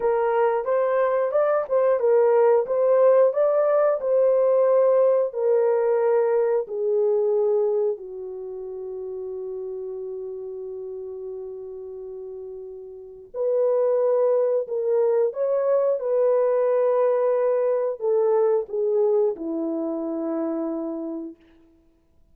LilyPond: \new Staff \with { instrumentName = "horn" } { \time 4/4 \tempo 4 = 90 ais'4 c''4 d''8 c''8 ais'4 | c''4 d''4 c''2 | ais'2 gis'2 | fis'1~ |
fis'1 | b'2 ais'4 cis''4 | b'2. a'4 | gis'4 e'2. | }